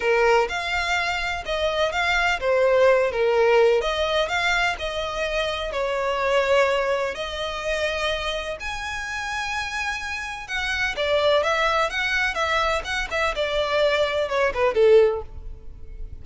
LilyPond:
\new Staff \with { instrumentName = "violin" } { \time 4/4 \tempo 4 = 126 ais'4 f''2 dis''4 | f''4 c''4. ais'4. | dis''4 f''4 dis''2 | cis''2. dis''4~ |
dis''2 gis''2~ | gis''2 fis''4 d''4 | e''4 fis''4 e''4 fis''8 e''8 | d''2 cis''8 b'8 a'4 | }